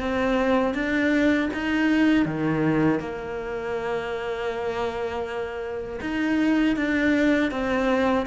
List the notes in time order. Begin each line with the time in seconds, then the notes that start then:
0.00 C4
0.74 D4
1.53 D#4
2.25 D#3
3.00 A#3
6.01 D#4
6.76 D4
7.51 C4